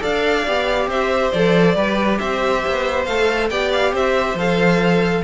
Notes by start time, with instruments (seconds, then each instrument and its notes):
0.00 cello D4, viola A4, violin D5 F5
0.47 cello B3, viola G4
0.87 cello C4, violin C5 E5
1.32 cello F3, viola A4, violin D5
1.75 cello G3, viola G4, violin B4
2.19 cello C4, violin C5 E5
2.67 cello B3
3.05 cello A3, viola A4, violin F5
3.50 cello B3, viola G4, violin D5 G5
3.73 violin F5
3.92 cello C4, violin C5 E5
4.35 cello F3, viola A4, violin F5